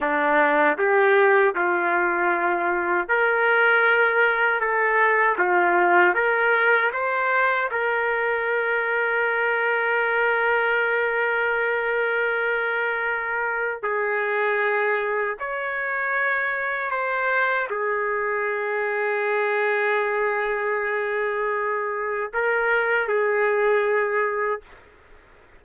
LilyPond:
\new Staff \with { instrumentName = "trumpet" } { \time 4/4 \tempo 4 = 78 d'4 g'4 f'2 | ais'2 a'4 f'4 | ais'4 c''4 ais'2~ | ais'1~ |
ais'2 gis'2 | cis''2 c''4 gis'4~ | gis'1~ | gis'4 ais'4 gis'2 | }